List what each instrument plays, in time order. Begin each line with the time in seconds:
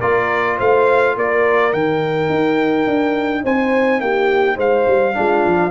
0.00 tuba A#3, trombone F4, horn A#4, trumpet D5
0.58 tuba A3, horn C5, trumpet F5
1.17 tuba A#3, horn A#4, trumpet D5
1.72 tuba D#3, trombone D#4, trumpet G5
2.30 tuba D#4
2.87 tuba D4
3.44 tuba C4, horn C5, trumpet G#5
4.01 tuba A#3, horn G4, trumpet G5
4.56 tuba G#3, horn C5, trumpet F5
4.88 tuba G3
5.14 tuba G#3, trombone D4, horn F4
5.47 tuba F3